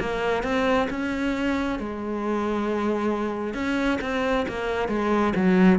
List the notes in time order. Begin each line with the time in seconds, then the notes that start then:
0.00 A#3
0.43 C4
0.90 C#4
1.79 G#3
3.54 C#4
4.01 C4
4.48 A#3
4.88 G#3
5.36 F#3